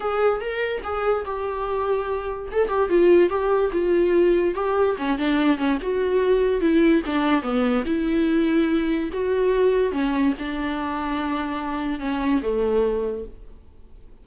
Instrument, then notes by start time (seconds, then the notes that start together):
viola
0.00 G#4
0.40 A#4
0.83 G#4
1.25 G4
2.51 A4
2.68 G4
2.89 F4
3.29 G4
3.72 F4
4.55 G4
4.97 C#4
5.18 D4
5.57 C#4
5.82 F#4
6.60 E4
7.06 D4
7.42 B3
7.85 E4
9.12 F#4
9.92 C#4
10.38 D4
11.99 C#4
12.42 A3